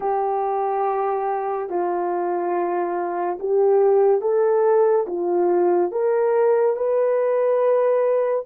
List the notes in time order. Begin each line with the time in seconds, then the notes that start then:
0.00 G4
1.69 F4
3.39 G4
4.21 A4
5.07 F4
5.92 A#4
6.76 B4